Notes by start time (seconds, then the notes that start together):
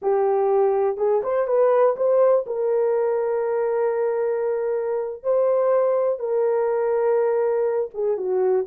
0.02 G4
0.97 G#4
1.23 C5
1.47 B4
1.96 C5
2.46 A#4
5.23 C5
6.19 A#4
7.94 G#4
8.17 F#4